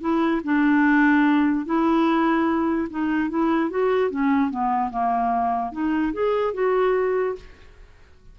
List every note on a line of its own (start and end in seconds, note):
0.00 0.41 E4
0.44 1.65 D4
1.65 2.88 E4
2.90 3.29 D#4
3.29 3.70 E4
3.70 4.10 F#4
4.10 4.50 C#4
4.50 4.90 B3
4.90 5.72 A#3
5.72 6.12 D#4
6.13 6.53 G#4
6.53 7.35 F#4